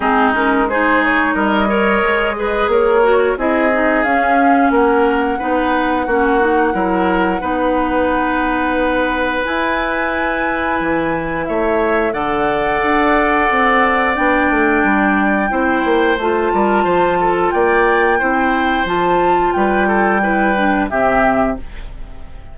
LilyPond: <<
  \new Staff \with { instrumentName = "flute" } { \time 4/4 \tempo 4 = 89 gis'8 ais'8 c''8 cis''8 dis''2 | cis''4 dis''4 f''4 fis''4~ | fis''1~ | fis''2 gis''2~ |
gis''4 e''4 fis''2~ | fis''4 g''2. | a''2 g''2 | a''4 g''2 e''4 | }
  \new Staff \with { instrumentName = "oboe" } { \time 4/4 dis'4 gis'4 ais'8 cis''4 b'8 | ais'4 gis'2 ais'4 | b'4 fis'4 ais'4 b'4~ | b'1~ |
b'4 cis''4 d''2~ | d''2. c''4~ | c''8 ais'8 c''8 a'8 d''4 c''4~ | c''4 b'8 a'8 b'4 g'4 | }
  \new Staff \with { instrumentName = "clarinet" } { \time 4/4 c'8 cis'8 dis'4. ais'4 gis'8~ | gis'8 fis'8 e'8 dis'8 cis'2 | dis'4 cis'8 dis'8 e'4 dis'4~ | dis'2 e'2~ |
e'2 a'2~ | a'4 d'2 e'4 | f'2. e'4 | f'2 e'8 d'8 c'4 | }
  \new Staff \with { instrumentName = "bassoon" } { \time 4/4 gis2 g4 gis4 | ais4 c'4 cis'4 ais4 | b4 ais4 fis4 b4~ | b2 e'2 |
e4 a4 d4 d'4 | c'4 b8 a8 g4 c'8 ais8 | a8 g8 f4 ais4 c'4 | f4 g2 c4 | }
>>